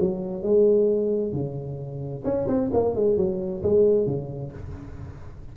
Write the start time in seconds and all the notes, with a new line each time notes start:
0.00 F#3
0.43 G#3
1.33 C#3
2.24 C#4
2.48 C4
2.73 A#3
2.95 G#3
3.17 F#3
3.63 G#3
4.06 C#3